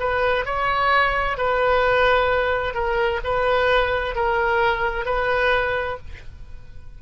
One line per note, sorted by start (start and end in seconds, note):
0.00 0.46 B4
0.46 1.38 C#5
1.38 2.74 B4
2.74 3.21 A#4
3.24 4.16 B4
4.16 5.06 A#4
5.06 5.98 B4